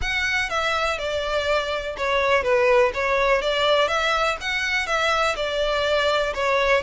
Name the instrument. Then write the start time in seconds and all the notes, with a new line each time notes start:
violin
0.01 F#5
0.49 E5
0.98 D5
1.97 C#5
2.43 B4
2.94 C#5
3.41 D5
3.88 E5
4.40 F#5
4.86 E5
5.36 D5
6.33 C#5